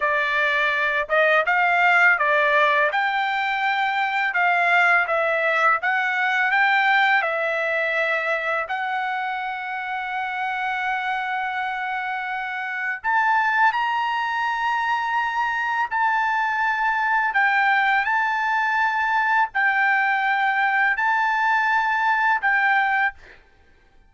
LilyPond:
\new Staff \with { instrumentName = "trumpet" } { \time 4/4 \tempo 4 = 83 d''4. dis''8 f''4 d''4 | g''2 f''4 e''4 | fis''4 g''4 e''2 | fis''1~ |
fis''2 a''4 ais''4~ | ais''2 a''2 | g''4 a''2 g''4~ | g''4 a''2 g''4 | }